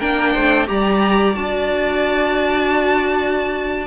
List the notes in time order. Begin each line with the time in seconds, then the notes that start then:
0.00 A#3 D4 A#4 G5
0.34 A3 C5
0.67 G3 G4 D5 A#5
1.34 D4 F#4 A5